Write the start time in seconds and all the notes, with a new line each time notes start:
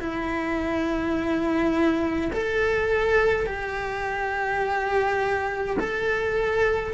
0.00 E4
2.32 A4
3.46 G4
5.80 A4